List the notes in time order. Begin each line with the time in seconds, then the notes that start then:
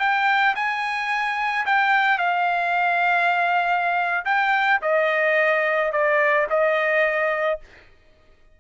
0.00 G5
0.56 G#5
1.66 G5
2.19 F5
4.25 G5
4.82 D#5
5.92 D5
6.50 D#5